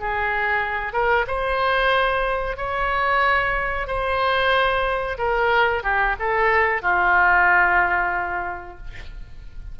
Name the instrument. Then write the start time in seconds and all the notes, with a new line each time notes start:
oboe
0.00 G#4
0.93 A#4
1.27 C5
2.56 C#5
3.87 C5
5.18 A#4
5.83 G4
6.19 A4
6.82 F4